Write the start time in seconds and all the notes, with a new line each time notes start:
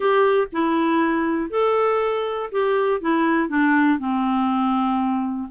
0.00 G4
0.52 E4
1.50 A4
2.51 G4
3.00 E4
3.48 D4
3.98 C4